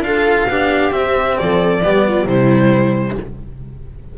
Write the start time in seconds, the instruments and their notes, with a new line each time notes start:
0.00 double bass D4, cello F4, viola A4, violin F5
0.48 double bass B3, cello D4, viola G4
0.91 cello C4, double bass C4, violin E5
1.37 double bass F3, viola A4, violin D5
1.83 double bass G3, cello B3, viola G4
2.08 viola F4
2.25 double bass C3, cello G3, viola E4, violin C5